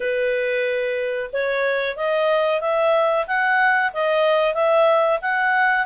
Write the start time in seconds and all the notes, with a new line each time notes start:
0.00 B4
1.32 C#5
1.96 D#5
2.61 E5
3.27 F#5
3.93 D#5
4.54 E5
5.21 F#5